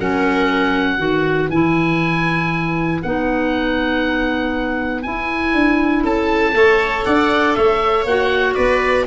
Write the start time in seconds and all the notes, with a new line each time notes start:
0.00 F#3 C#4 A#4 F#5
0.98 D#3 F#4 B4
1.49 E3 E4 G#5
3.02 B3 D#4 F#5
5.03 E4 G#5
5.54 D4
6.04 C#4 A4 A5
6.53 A3 A4 C#5
7.05 D4 D5 F#5
7.54 A3 C#5 E5
8.05 A#3 F#4 F#5
8.55 B3 B4 D5